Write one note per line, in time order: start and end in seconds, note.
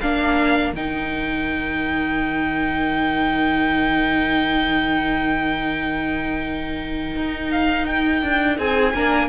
0.00 0.72 A#3
0.00 0.74 D4
0.00 8.57 A#4
0.00 0.72 F5
0.72 7.15 D#3
0.72 8.95 D#4
0.72 7.50 G5
7.16 8.22 D#4
7.50 7.86 F5
7.86 8.58 G5
8.22 8.58 D4
8.57 8.93 C4
8.57 8.93 G#4
8.57 9.29 G#5
8.93 9.29 A#3
8.93 9.29 D4
8.93 9.29 A#4